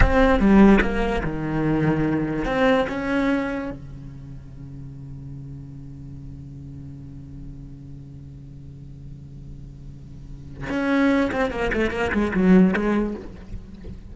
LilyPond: \new Staff \with { instrumentName = "cello" } { \time 4/4 \tempo 4 = 146 c'4 g4 ais4 dis4~ | dis2 c'4 cis'4~ | cis'4 cis2.~ | cis1~ |
cis1~ | cis1~ | cis2 cis'4. c'8 | ais8 a8 ais8 gis8 fis4 gis4 | }